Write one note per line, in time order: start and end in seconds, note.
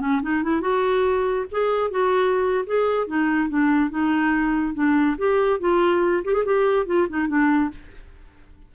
0.00 0.21 C#4
0.22 0.43 D#4
0.43 0.61 E4
0.61 1.45 F#4
1.51 1.91 G#4
1.91 2.64 F#4
2.66 3.07 G#4
3.07 3.49 D#4
3.49 3.90 D4
3.90 4.74 D#4
4.74 5.16 D4
5.18 5.60 G4
5.60 6.23 F4
6.24 6.33 G4
6.33 6.44 G#4
6.45 6.86 G4
6.86 7.07 F4
7.09 7.28 D#4
7.28 7.70 D4